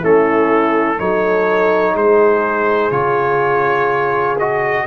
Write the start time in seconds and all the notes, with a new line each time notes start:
0.00 A3 C#4 E4 A4
0.98 F#3 D#4 A4 C#5
1.93 G#3 G#4 C5
2.91 C#3 F4 C#5
4.39 F#4 D#5